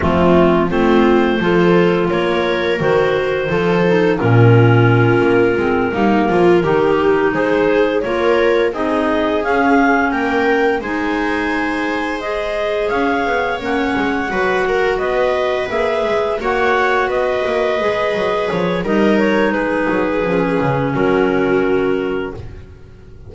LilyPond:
<<
  \new Staff \with { instrumentName = "clarinet" } { \time 4/4 \tempo 4 = 86 f'4 c''2 cis''4 | c''2 ais'2~ | ais'2~ ais'8 c''4 cis''8~ | cis''8 dis''4 f''4 g''4 gis''8~ |
gis''4. dis''4 f''4 fis''8~ | fis''4. dis''4 e''4 fis''8~ | fis''8 dis''2 cis''8 dis''8 cis''8 | b'2 ais'2 | }
  \new Staff \with { instrumentName = "viola" } { \time 4/4 c'4 f'4 a'4 ais'4~ | ais'4 a'4 f'2~ | f'8 dis'8 f'8 g'4 gis'4 ais'8~ | ais'8 gis'2 ais'4 c''8~ |
c''2~ c''8 cis''4.~ | cis''8 b'8 ais'8 b'2 cis''8~ | cis''8 b'2~ b'8 ais'4 | gis'2 fis'2 | }
  \new Staff \with { instrumentName = "clarinet" } { \time 4/4 a4 c'4 f'2 | fis'4 f'8 dis'8 cis'2 | c'8 ais4 dis'2 f'8~ | f'8 dis'4 cis'2 dis'8~ |
dis'4. gis'2 cis'8~ | cis'8 fis'2 gis'4 fis'8~ | fis'4. gis'4. dis'4~ | dis'4 cis'2. | }
  \new Staff \with { instrumentName = "double bass" } { \time 4/4 f4 a4 f4 ais4 | dis4 f4 ais,4. ais8 | gis8 g8 f8 dis4 gis4 ais8~ | ais8 c'4 cis'4 ais4 gis8~ |
gis2~ gis8 cis'8 b8 ais8 | gis8 fis4 b4 ais8 gis8 ais8~ | ais8 b8 ais8 gis8 fis8 f8 g4 | gis8 fis8 f8 cis8 fis2 | }
>>